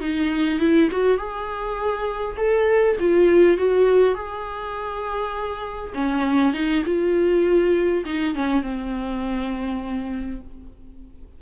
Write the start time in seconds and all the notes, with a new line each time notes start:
0.00 D#4
0.59 E4
0.91 F#4
1.17 G#4
2.37 A4
2.99 F4
3.57 F#4
4.14 G#4
5.94 C#4
6.53 D#4
6.85 F4
8.05 D#4
8.35 C#4
8.62 C4